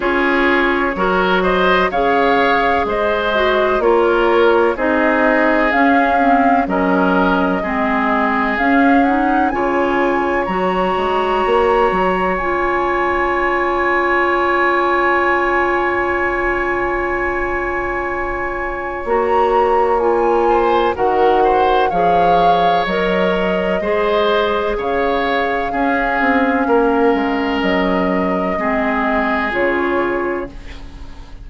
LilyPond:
<<
  \new Staff \with { instrumentName = "flute" } { \time 4/4 \tempo 4 = 63 cis''4. dis''8 f''4 dis''4 | cis''4 dis''4 f''4 dis''4~ | dis''4 f''8 fis''8 gis''4 ais''4~ | ais''4 gis''2.~ |
gis''1 | ais''4 gis''4 fis''4 f''4 | dis''2 f''2~ | f''4 dis''2 cis''4 | }
  \new Staff \with { instrumentName = "oboe" } { \time 4/4 gis'4 ais'8 c''8 cis''4 c''4 | ais'4 gis'2 ais'4 | gis'2 cis''2~ | cis''1~ |
cis''1~ | cis''4. c''8 ais'8 c''8 cis''4~ | cis''4 c''4 cis''4 gis'4 | ais'2 gis'2 | }
  \new Staff \with { instrumentName = "clarinet" } { \time 4/4 f'4 fis'4 gis'4. fis'8 | f'4 dis'4 cis'8 c'8 cis'4 | c'4 cis'8 dis'8 f'4 fis'4~ | fis'4 f'2.~ |
f'1 | fis'4 f'4 fis'4 gis'4 | ais'4 gis'2 cis'4~ | cis'2 c'4 f'4 | }
  \new Staff \with { instrumentName = "bassoon" } { \time 4/4 cis'4 fis4 cis4 gis4 | ais4 c'4 cis'4 fis4 | gis4 cis'4 cis4 fis8 gis8 | ais8 fis8 cis'2.~ |
cis'1 | ais2 dis4 f4 | fis4 gis4 cis4 cis'8 c'8 | ais8 gis8 fis4 gis4 cis4 | }
>>